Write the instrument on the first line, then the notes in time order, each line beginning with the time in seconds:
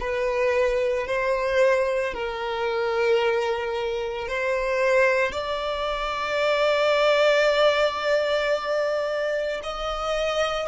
violin
0.00 B4
1.07 C5
2.14 A#4
4.28 C5
5.32 D5
9.64 D#5